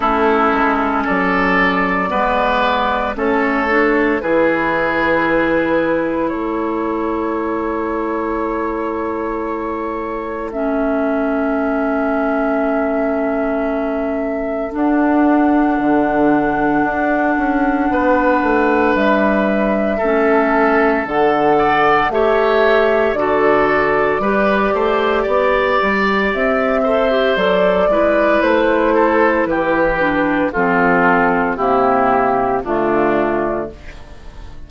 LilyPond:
<<
  \new Staff \with { instrumentName = "flute" } { \time 4/4 \tempo 4 = 57 a'4 d''2 cis''4 | b'2 cis''2~ | cis''2 e''2~ | e''2 fis''2~ |
fis''2 e''2 | fis''4 e''4 d''2~ | d''4 e''4 d''4 c''4 | b'4 a'4 g'4 f'4 | }
  \new Staff \with { instrumentName = "oboe" } { \time 4/4 e'4 a'4 b'4 a'4 | gis'2 a'2~ | a'1~ | a'1~ |
a'4 b'2 a'4~ | a'8 d''8 cis''4 a'4 b'8 c''8 | d''4. c''4 b'4 a'8 | g'4 f'4 e'4 d'4 | }
  \new Staff \with { instrumentName = "clarinet" } { \time 4/4 cis'2 b4 cis'8 d'8 | e'1~ | e'2 cis'2~ | cis'2 d'2~ |
d'2. cis'4 | a'4 g'4 fis'4 g'4~ | g'4. a'16 g'16 a'8 e'4.~ | e'8 d'8 c'4 ais4 a4 | }
  \new Staff \with { instrumentName = "bassoon" } { \time 4/4 a8 gis8 fis4 gis4 a4 | e2 a2~ | a1~ | a2 d'4 d4 |
d'8 cis'8 b8 a8 g4 a4 | d4 a4 d4 g8 a8 | b8 g8 c'4 fis8 gis8 a4 | e4 f4 c4 d4 | }
>>